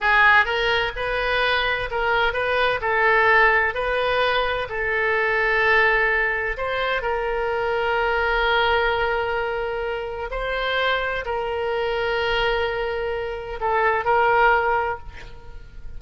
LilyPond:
\new Staff \with { instrumentName = "oboe" } { \time 4/4 \tempo 4 = 128 gis'4 ais'4 b'2 | ais'4 b'4 a'2 | b'2 a'2~ | a'2 c''4 ais'4~ |
ais'1~ | ais'2 c''2 | ais'1~ | ais'4 a'4 ais'2 | }